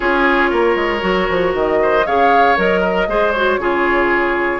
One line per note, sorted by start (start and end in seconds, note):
0.00 0.52 C#4
0.00 1.00 F4
0.00 0.50 G#4
0.00 1.54 C#5
0.50 0.75 A#3
0.50 1.78 A#4
0.75 1.01 G#3
1.00 1.28 F#3
1.00 2.03 F#4
1.29 1.53 F3
1.53 2.05 D#3
1.53 2.06 D#5
1.82 2.06 C5
2.06 2.57 C#3
2.06 2.56 G#4
2.06 2.80 C#5
2.06 2.57 F5
2.56 3.07 F#3
2.56 3.07 A#4
2.56 3.32 D#5
2.80 3.06 A#4
3.07 3.58 G#3
3.07 3.34 G#4
3.07 3.60 C5
3.32 3.60 F#4
3.32 4.60 C#5
3.58 4.60 C#3
3.58 4.60 F4
3.58 4.60 G#4